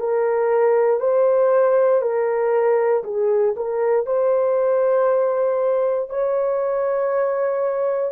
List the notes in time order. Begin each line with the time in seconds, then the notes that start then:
0.00 A#4
1.00 C5
2.02 A#4
3.04 G#4
3.57 A#4
4.07 C5
6.10 C#5